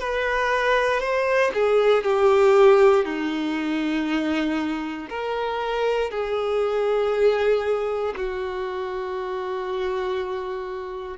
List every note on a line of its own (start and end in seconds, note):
0.00 1.00 B4
1.00 1.51 C5
1.54 2.03 G#4
2.03 3.05 G4
3.05 5.08 D#4
5.09 6.11 A#4
6.11 8.14 G#4
8.16 11.18 F#4